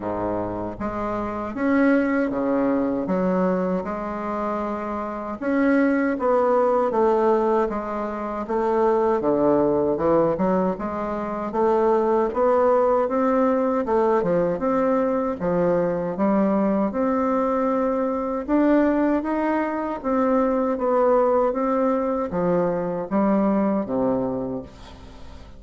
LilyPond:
\new Staff \with { instrumentName = "bassoon" } { \time 4/4 \tempo 4 = 78 gis,4 gis4 cis'4 cis4 | fis4 gis2 cis'4 | b4 a4 gis4 a4 | d4 e8 fis8 gis4 a4 |
b4 c'4 a8 f8 c'4 | f4 g4 c'2 | d'4 dis'4 c'4 b4 | c'4 f4 g4 c4 | }